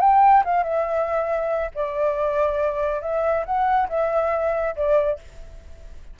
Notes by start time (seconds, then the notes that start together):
0.00 G5
0.45 F5
0.63 E5
1.74 D5
3.01 E5
3.45 F#5
3.88 E5
4.75 D5